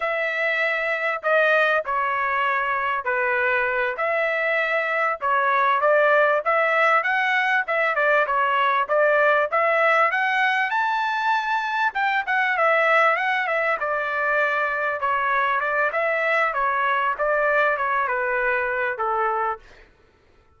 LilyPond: \new Staff \with { instrumentName = "trumpet" } { \time 4/4 \tempo 4 = 98 e''2 dis''4 cis''4~ | cis''4 b'4. e''4.~ | e''8 cis''4 d''4 e''4 fis''8~ | fis''8 e''8 d''8 cis''4 d''4 e''8~ |
e''8 fis''4 a''2 g''8 | fis''8 e''4 fis''8 e''8 d''4.~ | d''8 cis''4 d''8 e''4 cis''4 | d''4 cis''8 b'4. a'4 | }